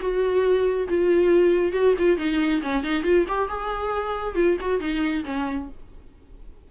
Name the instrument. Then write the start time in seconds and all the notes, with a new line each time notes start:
viola
0.00 F#4
0.88 F4
1.72 F#4
1.98 F4
2.17 D#4
2.62 C#4
2.83 D#4
3.03 F4
3.28 G4
3.48 G#4
4.35 F4
4.61 F#4
4.80 D#4
5.25 C#4